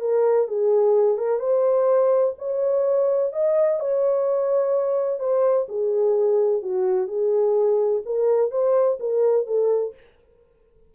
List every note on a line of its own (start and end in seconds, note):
0.00 0.47 A#4
0.47 1.17 G#4
1.17 1.39 A#4
1.39 2.33 C5
2.38 3.32 C#5
3.32 3.79 D#5
3.79 5.19 C#5
5.19 5.66 C5
5.68 6.62 G#4
6.62 7.07 F#4
7.07 8.01 G#4
8.05 8.50 A#4
8.50 8.98 C5
8.99 9.46 A#4
9.46 9.93 A4